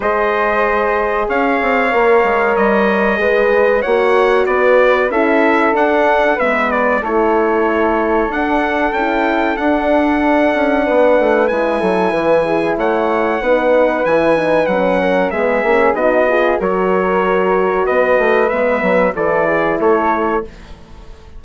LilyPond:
<<
  \new Staff \with { instrumentName = "trumpet" } { \time 4/4 \tempo 4 = 94 dis''2 f''2 | dis''2 fis''4 d''4 | e''4 fis''4 e''8 d''8 cis''4~ | cis''4 fis''4 g''4 fis''4~ |
fis''2 gis''2 | fis''2 gis''4 fis''4 | e''4 dis''4 cis''2 | dis''4 e''4 d''4 cis''4 | }
  \new Staff \with { instrumentName = "flute" } { \time 4/4 c''2 cis''2~ | cis''4 b'4 cis''4 b'4 | a'2 b'4 a'4~ | a'1~ |
a'4 b'4. a'8 b'8 gis'8 | cis''4 b'2~ b'8 ais'8 | gis'4 fis'8 gis'8 ais'2 | b'2 a'8 gis'8 a'4 | }
  \new Staff \with { instrumentName = "horn" } { \time 4/4 gis'2. ais'4~ | ais'4 gis'4 fis'2 | e'4 d'4 b4 e'4~ | e'4 d'4 e'4 d'4~ |
d'2 e'2~ | e'4 dis'4 e'8 dis'8 cis'4 | b8 cis'8 dis'8 f'8 fis'2~ | fis'4 b4 e'2 | }
  \new Staff \with { instrumentName = "bassoon" } { \time 4/4 gis2 cis'8 c'8 ais8 gis8 | g4 gis4 ais4 b4 | cis'4 d'4 gis4 a4~ | a4 d'4 cis'4 d'4~ |
d'8 cis'8 b8 a8 gis8 fis8 e4 | a4 b4 e4 fis4 | gis8 ais8 b4 fis2 | b8 a8 gis8 fis8 e4 a4 | }
>>